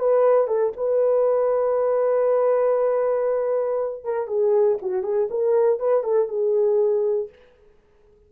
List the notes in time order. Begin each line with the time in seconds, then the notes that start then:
0.00 B4
0.48 A4
0.77 B4
4.05 A#4
4.28 G#4
4.82 F#4
5.04 G#4
5.31 A#4
5.80 B4
6.04 A4
6.29 G#4